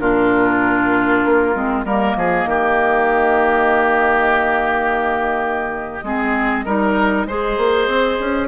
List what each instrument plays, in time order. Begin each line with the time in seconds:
0.00 bassoon A#2, clarinet D4, oboe F4, flute A#4
1.26 bassoon A#3
1.54 bassoon G#3, clarinet C4
1.85 bassoon G3, clarinet A#3, oboe A#4, flute D#5
2.16 bassoon F3, oboe G#4
2.46 bassoon D#3, oboe G4
6.03 bassoon G#3, clarinet C4, oboe G#4
6.65 bassoon G3, clarinet D#4, oboe A#4
7.27 bassoon G#3, clarinet G#4, oboe C5
7.58 bassoon A#3
7.87 bassoon C4
8.20 bassoon C#4